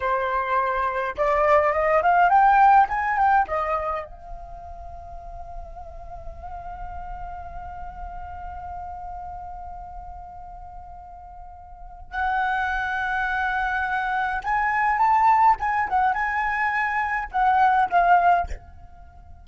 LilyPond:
\new Staff \with { instrumentName = "flute" } { \time 4/4 \tempo 4 = 104 c''2 d''4 dis''8 f''8 | g''4 gis''8 g''8 dis''4 f''4~ | f''1~ | f''1~ |
f''1~ | f''4 fis''2.~ | fis''4 gis''4 a''4 gis''8 fis''8 | gis''2 fis''4 f''4 | }